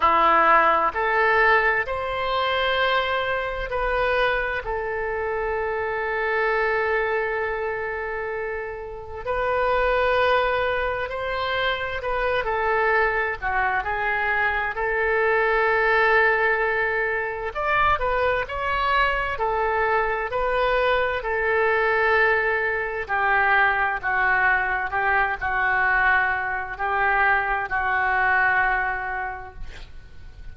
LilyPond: \new Staff \with { instrumentName = "oboe" } { \time 4/4 \tempo 4 = 65 e'4 a'4 c''2 | b'4 a'2.~ | a'2 b'2 | c''4 b'8 a'4 fis'8 gis'4 |
a'2. d''8 b'8 | cis''4 a'4 b'4 a'4~ | a'4 g'4 fis'4 g'8 fis'8~ | fis'4 g'4 fis'2 | }